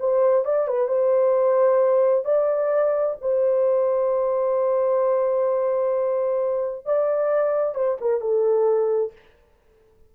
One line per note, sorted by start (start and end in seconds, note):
0.00 0.45 C5
0.45 0.68 D5
0.68 0.88 B4
0.88 2.25 C5
2.25 3.17 D5
3.22 6.86 C5
6.86 7.75 D5
7.75 7.98 C5
8.01 8.21 A#4
8.21 9.12 A4